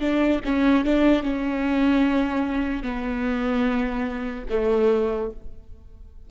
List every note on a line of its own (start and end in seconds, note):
0.00 0.41 D4
0.45 0.85 C#4
0.85 1.23 D4
1.23 2.83 C#4
2.83 4.45 B3
4.50 5.31 A3